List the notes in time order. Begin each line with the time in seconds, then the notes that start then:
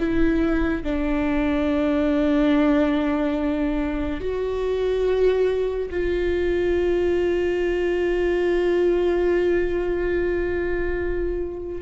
0.00 E4
0.84 D4
4.21 F#4
5.91 F4